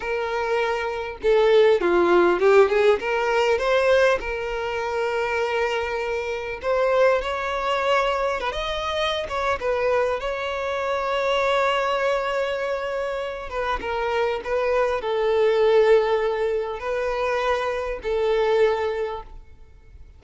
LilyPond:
\new Staff \with { instrumentName = "violin" } { \time 4/4 \tempo 4 = 100 ais'2 a'4 f'4 | g'8 gis'8 ais'4 c''4 ais'4~ | ais'2. c''4 | cis''2 b'16 dis''4~ dis''16 cis''8 |
b'4 cis''2.~ | cis''2~ cis''8 b'8 ais'4 | b'4 a'2. | b'2 a'2 | }